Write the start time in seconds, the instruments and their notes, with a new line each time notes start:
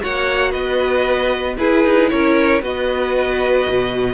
0.00 cello A#3, viola F#4, violin C#5 F#5
0.51 cello B3, violin B4 D#5
1.57 viola E4, cello E4, violin G#4 B4
1.84 cello D#4
2.09 cello C#4, violin A#4 C#5
2.61 cello B3, viola F#4, violin B4 D#5
3.68 cello B2